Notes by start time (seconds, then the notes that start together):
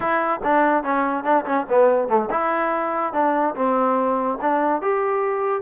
0.00 E4
0.43 D4
0.83 C#4
1.23 D4
1.45 C#4
1.69 B3
2.08 A3
2.30 E4
3.13 D4
3.55 C4
4.41 D4
4.81 G4